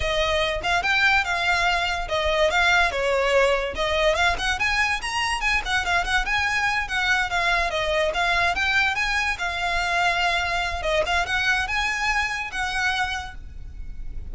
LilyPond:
\new Staff \with { instrumentName = "violin" } { \time 4/4 \tempo 4 = 144 dis''4. f''8 g''4 f''4~ | f''4 dis''4 f''4 cis''4~ | cis''4 dis''4 f''8 fis''8 gis''4 | ais''4 gis''8 fis''8 f''8 fis''8 gis''4~ |
gis''8 fis''4 f''4 dis''4 f''8~ | f''8 g''4 gis''4 f''4.~ | f''2 dis''8 f''8 fis''4 | gis''2 fis''2 | }